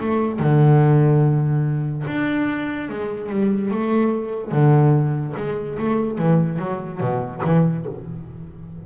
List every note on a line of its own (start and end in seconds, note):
0.00 0.39 A3
0.39 2.05 D3
2.07 2.89 D4
2.89 3.30 G#3
3.30 3.71 G3
3.71 4.52 A3
4.52 5.35 D3
5.37 5.78 G#3
5.79 6.18 A3
6.18 6.59 E3
6.59 7.00 F#3
7.00 7.42 B2
7.44 7.86 E3